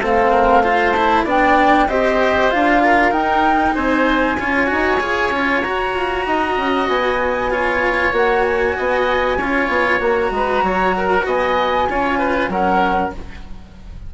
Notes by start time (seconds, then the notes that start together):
0.00 A3 C4 A4 F5
0.31 A#4
0.63 F4 C5
0.91 E4 A5
1.24 B3 D4 D5 G5
1.88 C4 G4 C5 D#5
2.50 D4 F4 F5
2.84 A#4
3.11 D#4 G5
3.74 C4 C5 G#5
4.39 C#4 F4 C#5
4.66 D#4 F#4
5.00 F4 G#4
5.31 C#4 F4
5.61 F#4 A#5
5.93 F4
6.26 D#4 D#5
6.57 C#4
6.87 B3 G#5
7.50 F4 C#5
8.12 A#3 F#4 F#5
8.43 G#5
8.76 B3 D#5
9.37 C#4 F4 C#5
9.68 B3
9.99 A#3 F#4 A#5
10.30 G#3 B4
10.62 F#3 C#5
10.97 A#4
11.25 B3 D#5 G#5
11.88 C#4 F4 C#5
12.18 B4
12.48 F#3 C#4 A#4 F#5